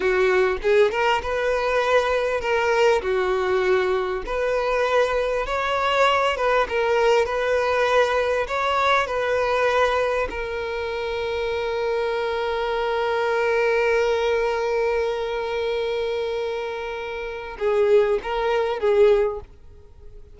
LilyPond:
\new Staff \with { instrumentName = "violin" } { \time 4/4 \tempo 4 = 99 fis'4 gis'8 ais'8 b'2 | ais'4 fis'2 b'4~ | b'4 cis''4. b'8 ais'4 | b'2 cis''4 b'4~ |
b'4 ais'2.~ | ais'1~ | ais'1~ | ais'4 gis'4 ais'4 gis'4 | }